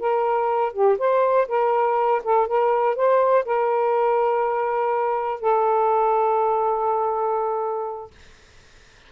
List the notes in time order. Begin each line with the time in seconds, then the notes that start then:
0.00 A#4
0.73 G4
0.98 C5
1.48 A#4
2.24 A4
2.47 A#4
2.96 C5
3.45 A#4
5.41 A4